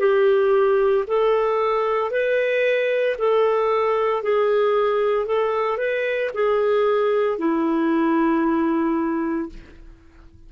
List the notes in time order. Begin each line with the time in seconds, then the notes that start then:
0.00 G4
1.08 A4
2.11 B4
3.19 A4
4.23 G#4
5.26 A4
5.78 B4
6.34 G#4
7.39 E4